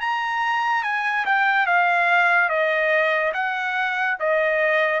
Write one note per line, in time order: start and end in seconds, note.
0.00 0.83 A#5
0.83 1.25 G#5
1.25 1.66 G5
1.66 2.48 F5
2.48 3.32 D#5
3.33 4.17 F#5
4.19 5.00 D#5